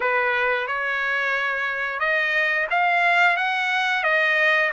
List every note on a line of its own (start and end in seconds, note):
0.00 0.67 B4
0.67 1.99 C#5
1.99 2.67 D#5
2.70 3.36 F5
3.36 4.03 F#5
4.03 4.70 D#5